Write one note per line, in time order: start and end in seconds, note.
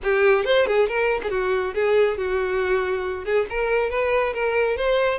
0.03 0.44 G4
0.44 0.66 C5
0.66 0.88 G#4
0.88 1.21 A#4
1.22 1.30 G#4
1.30 1.74 F#4
1.74 2.17 G#4
2.17 3.24 F#4
3.24 3.46 G#4
3.49 3.90 A#4
3.90 4.33 B4
4.33 4.76 A#4
4.76 5.18 C5